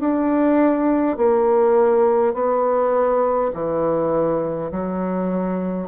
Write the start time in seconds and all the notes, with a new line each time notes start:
0.00 D4
1.17 A#3
2.34 B3
3.53 E3
4.71 F#3